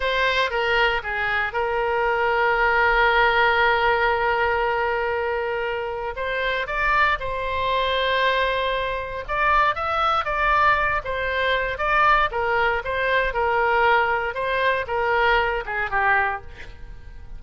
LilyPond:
\new Staff \with { instrumentName = "oboe" } { \time 4/4 \tempo 4 = 117 c''4 ais'4 gis'4 ais'4~ | ais'1~ | ais'1 | c''4 d''4 c''2~ |
c''2 d''4 e''4 | d''4. c''4. d''4 | ais'4 c''4 ais'2 | c''4 ais'4. gis'8 g'4 | }